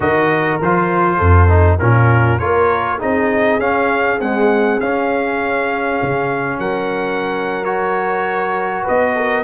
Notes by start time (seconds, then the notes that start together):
0.00 D#3 F#4 A#4 D#5
0.60 F3 F4 C5
1.17 F2 A4
1.48 D#4
1.79 A#2 C#4 F4 A#4
2.38 A#3 F4 A#4 C#5
2.99 C4 D#4 G#4 D#5
3.58 C#4 F5
4.19 G#3 C4 F#5
4.80 C#4 F5
6.02 C#3
6.58 F#3 A#4 F#5
7.64 F#4 C#5
8.83 B3 B4 D#5
9.15 A#4